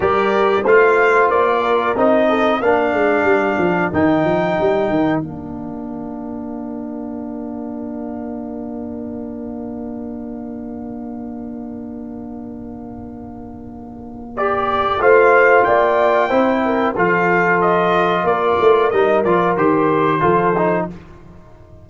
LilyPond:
<<
  \new Staff \with { instrumentName = "trumpet" } { \time 4/4 \tempo 4 = 92 d''4 f''4 d''4 dis''4 | f''2 g''2 | f''1~ | f''1~ |
f''1~ | f''2 d''4 f''4 | g''2 f''4 dis''4 | d''4 dis''8 d''8 c''2 | }
  \new Staff \with { instrumentName = "horn" } { \time 4/4 ais'4 c''4. ais'4 a'8 | ais'1~ | ais'1~ | ais'1~ |
ais'1~ | ais'2. c''4 | d''4 c''8 ais'8 a'2 | ais'2. a'4 | }
  \new Staff \with { instrumentName = "trombone" } { \time 4/4 g'4 f'2 dis'4 | d'2 dis'2 | d'1~ | d'1~ |
d'1~ | d'2 g'4 f'4~ | f'4 e'4 f'2~ | f'4 dis'8 f'8 g'4 f'8 dis'8 | }
  \new Staff \with { instrumentName = "tuba" } { \time 4/4 g4 a4 ais4 c'4 | ais8 gis8 g8 f8 dis8 f8 g8 dis8 | ais1~ | ais1~ |
ais1~ | ais2. a4 | ais4 c'4 f2 | ais8 a8 g8 f8 dis4 f4 | }
>>